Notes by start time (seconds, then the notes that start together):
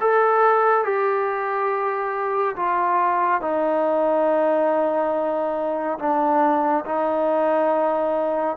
0.00 A4
0.84 G4
2.56 F4
3.41 D#4
5.99 D4
6.85 D#4